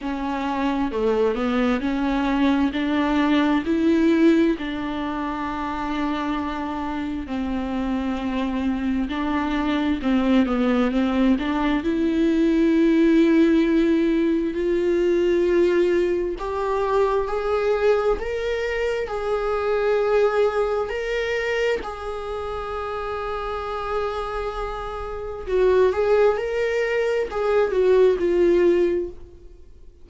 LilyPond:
\new Staff \with { instrumentName = "viola" } { \time 4/4 \tempo 4 = 66 cis'4 a8 b8 cis'4 d'4 | e'4 d'2. | c'2 d'4 c'8 b8 | c'8 d'8 e'2. |
f'2 g'4 gis'4 | ais'4 gis'2 ais'4 | gis'1 | fis'8 gis'8 ais'4 gis'8 fis'8 f'4 | }